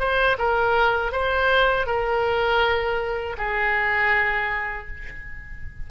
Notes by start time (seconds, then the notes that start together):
0.00 C5
0.39 A#4
1.12 C5
1.87 A#4
3.38 G#4